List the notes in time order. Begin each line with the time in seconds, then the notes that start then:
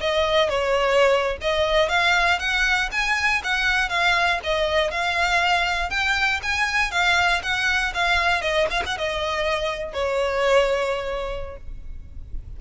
0.00 D#5
0.49 C#5
1.41 D#5
1.89 F5
2.39 F#5
2.92 G#5
3.43 F#5
3.89 F5
4.43 D#5
4.91 F5
5.90 G5
6.42 G#5
6.91 F5
7.43 F#5
7.94 F5
8.42 D#5
8.70 F5
8.86 F#5
8.97 D#5
9.93 C#5